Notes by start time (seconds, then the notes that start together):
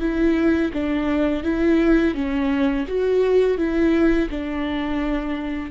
0.00 E4
0.73 D4
1.43 E4
2.14 C#4
2.87 F#4
3.57 E4
4.30 D4